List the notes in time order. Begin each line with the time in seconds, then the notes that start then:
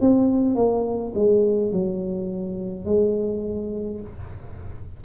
0.00 C4
0.55 A#3
1.14 G#3
1.72 F#3
2.85 G#3